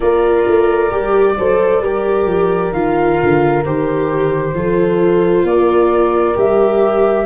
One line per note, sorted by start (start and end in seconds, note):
0.00 0.47 A#3
0.00 0.90 F4
0.00 1.36 A#4
0.00 2.72 D5
0.47 0.91 A3
0.90 1.37 G3
0.90 1.35 G4
1.37 1.80 F#3
1.37 1.84 A4
1.37 1.82 C5
1.80 2.26 G3
1.80 2.73 G4
1.80 4.55 A#4
2.26 2.71 F3
2.71 3.17 D#3
2.71 3.64 F4
2.71 3.63 F5
3.23 3.66 D3
3.64 4.54 D#3
3.64 4.54 G4
3.64 5.46 C5
4.54 5.43 F3
4.54 6.34 F4
4.54 5.46 A4
5.43 6.34 A#3
5.43 7.25 A#4
5.43 6.37 D5
6.34 7.25 G3
6.34 7.25 G4
6.34 7.25 E5